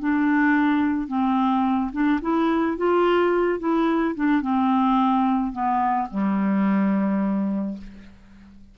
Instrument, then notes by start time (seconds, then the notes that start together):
clarinet
0.00 D4
1.08 C4
1.93 D4
2.22 E4
2.78 F4
3.60 E4
4.15 D4
4.42 C4
5.53 B3
6.11 G3